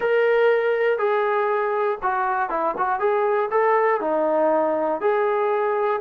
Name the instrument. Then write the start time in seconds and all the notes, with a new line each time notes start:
trombone
0.00 A#4
0.98 G#4
2.02 F#4
2.49 E4
2.77 F#4
2.99 G#4
3.50 A4
4.00 D#4
5.00 G#4